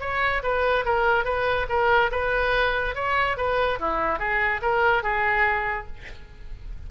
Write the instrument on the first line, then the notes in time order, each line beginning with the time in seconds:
oboe
0.00 C#5
0.43 B4
0.85 A#4
1.24 B4
1.69 A#4
2.11 B4
2.95 C#5
3.37 B4
3.79 E4
4.19 G#4
4.62 A#4
5.03 G#4